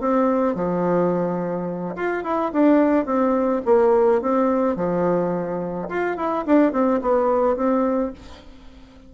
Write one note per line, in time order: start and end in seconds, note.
0.00 0.55 C4
0.55 1.95 F3
1.95 2.24 F4
2.24 2.52 E4
2.53 3.05 D4
3.05 3.61 C4
3.66 4.22 A#3
4.22 4.76 C4
4.76 5.88 F3
5.89 6.17 F4
6.17 6.45 E4
6.46 6.73 D4
6.73 7.01 C4
7.01 7.56 B3
7.56 8.13 C4